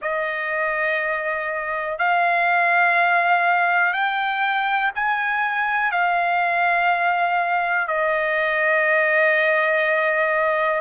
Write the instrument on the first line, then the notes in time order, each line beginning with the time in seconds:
trumpet
0.01 D#5
1.98 F5
3.93 G5
4.94 G#5
5.92 F5
7.87 D#5